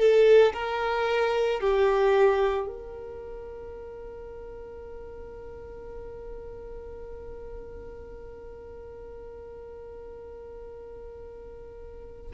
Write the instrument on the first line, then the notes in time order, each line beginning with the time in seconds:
violin
0.00 A4
0.54 A#4
1.61 G4
2.68 A#4